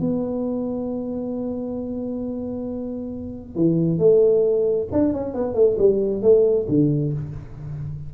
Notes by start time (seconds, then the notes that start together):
0.00 B3
3.55 E3
3.99 A3
4.92 D4
5.14 C#4
5.34 B3
5.55 A3
5.78 G3
6.22 A3
6.68 D3